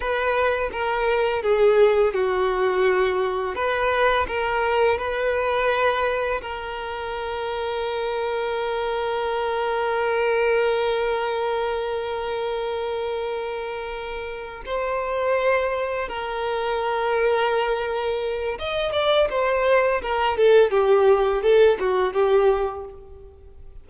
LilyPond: \new Staff \with { instrumentName = "violin" } { \time 4/4 \tempo 4 = 84 b'4 ais'4 gis'4 fis'4~ | fis'4 b'4 ais'4 b'4~ | b'4 ais'2.~ | ais'1~ |
ais'1~ | ais'8 c''2 ais'4.~ | ais'2 dis''8 d''8 c''4 | ais'8 a'8 g'4 a'8 fis'8 g'4 | }